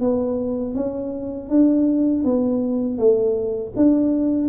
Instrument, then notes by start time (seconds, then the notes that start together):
tuba
0.00 B3
0.74 C#4
1.49 D4
2.24 B3
2.98 A3
3.76 D4